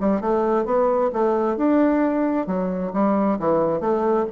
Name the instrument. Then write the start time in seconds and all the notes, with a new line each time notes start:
bassoon
0.00 G3
0.21 A3
0.65 B3
1.13 A3
1.57 D4
2.47 F#3
2.93 G3
3.39 E3
3.81 A3